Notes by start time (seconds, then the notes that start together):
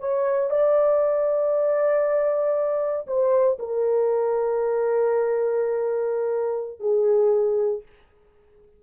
0.00 C#5
0.50 D5
3.07 C5
3.59 A#4
6.80 G#4